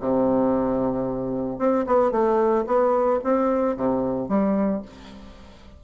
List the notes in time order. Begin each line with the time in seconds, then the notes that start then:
0.00 C3
1.59 C4
1.87 B3
2.11 A3
2.67 B3
3.24 C4
3.76 C3
4.29 G3